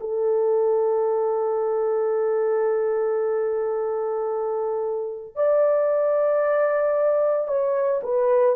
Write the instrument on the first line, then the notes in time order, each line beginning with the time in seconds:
horn
0.00 A4
5.35 D5
7.48 C#5
8.03 B4